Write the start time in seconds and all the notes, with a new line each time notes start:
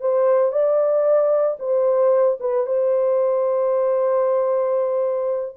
0.00 C5
0.52 D5
1.59 C5
2.40 B4
2.66 C5